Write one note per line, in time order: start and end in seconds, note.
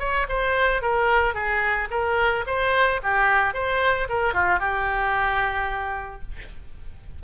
0.00 0.27 C#5
0.29 0.82 C5
0.82 1.34 A#4
1.34 1.88 G#4
1.91 2.45 A#4
2.47 3.01 C5
3.03 3.54 G4
3.54 4.08 C5
4.09 4.34 A#4
4.34 4.60 F4
4.60 6.22 G4